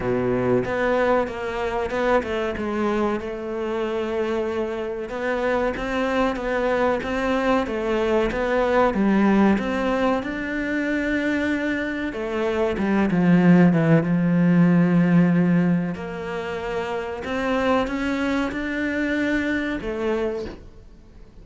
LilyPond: \new Staff \with { instrumentName = "cello" } { \time 4/4 \tempo 4 = 94 b,4 b4 ais4 b8 a8 | gis4 a2. | b4 c'4 b4 c'4 | a4 b4 g4 c'4 |
d'2. a4 | g8 f4 e8 f2~ | f4 ais2 c'4 | cis'4 d'2 a4 | }